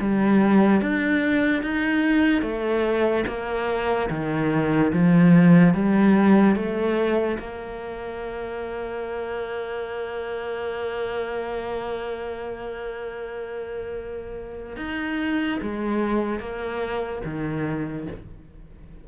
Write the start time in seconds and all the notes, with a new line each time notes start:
0.00 G3
0.81 D4
1.63 D#4
2.42 A3
3.27 A#3
4.10 D#3
4.93 F3
5.74 G3
6.56 A3
7.39 A#3
14.77 D#4
15.62 G#3
16.40 A#3
17.25 D#3